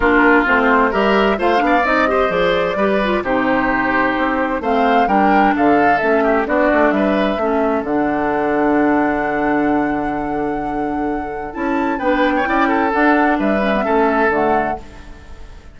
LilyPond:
<<
  \new Staff \with { instrumentName = "flute" } { \time 4/4 \tempo 4 = 130 ais'4 c''4 e''4 f''4 | dis''4 d''2 c''4~ | c''2 f''4 g''4 | f''4 e''4 d''4 e''4~ |
e''4 fis''2.~ | fis''1~ | fis''4 a''4 g''2 | fis''4 e''2 fis''4 | }
  \new Staff \with { instrumentName = "oboe" } { \time 4/4 f'2 ais'4 c''8 d''8~ | d''8 c''4. b'4 g'4~ | g'2 c''4 ais'4 | a'4. g'8 fis'4 b'4 |
a'1~ | a'1~ | a'2 b'8. cis''16 d''8 a'8~ | a'4 b'4 a'2 | }
  \new Staff \with { instrumentName = "clarinet" } { \time 4/4 d'4 c'4 g'4 f'8 d'8 | dis'8 g'8 gis'4 g'8 f'8 dis'4~ | dis'2 c'4 d'4~ | d'4 cis'4 d'2 |
cis'4 d'2.~ | d'1~ | d'4 e'4 d'4 e'4 | d'4. cis'16 b16 cis'4 a4 | }
  \new Staff \with { instrumentName = "bassoon" } { \time 4/4 ais4 a4 g4 a8 b8 | c'4 f4 g4 c4~ | c4 c'4 a4 g4 | d4 a4 b8 a8 g4 |
a4 d2.~ | d1~ | d4 cis'4 b4 cis'4 | d'4 g4 a4 d4 | }
>>